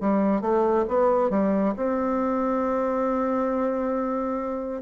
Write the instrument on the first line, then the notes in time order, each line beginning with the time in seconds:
bassoon
0.00 G3
0.41 A3
0.88 B3
1.30 G3
1.76 C4